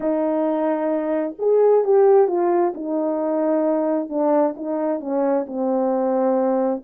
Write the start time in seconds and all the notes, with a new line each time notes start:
0.00 D#4
1.38 G#4
1.84 G4
2.27 F4
2.74 D#4
4.09 D4
4.56 D#4
5.00 C#4
5.46 C4